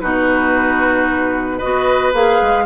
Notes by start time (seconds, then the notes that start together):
0.00 B2 D#4 F#4 B4
1.58 F#4 B4 D#5
1.64 B3
2.13 A#3 G#4 F5
2.42 G#3